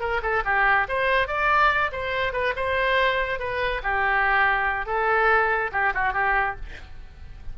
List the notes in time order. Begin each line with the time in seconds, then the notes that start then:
0.00 A#4
0.22 A4
0.45 G4
0.89 C5
1.28 D5
1.92 C5
2.33 B4
2.56 C5
3.39 B4
3.83 G4
4.86 A4
5.72 G4
5.94 F#4
6.13 G4